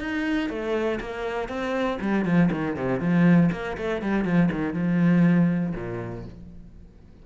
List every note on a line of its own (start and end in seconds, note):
0.00 0.49 D#4
0.49 0.99 A3
1.00 1.49 A#3
1.49 1.99 C4
2.01 2.25 G3
2.25 2.50 F3
2.51 2.76 D#3
2.76 3.00 C3
3.00 3.50 F3
3.52 3.77 A#3
3.77 4.02 A3
4.02 4.25 G3
4.25 4.50 F3
4.52 4.73 D#3
4.73 5.73 F3
5.75 6.25 A#2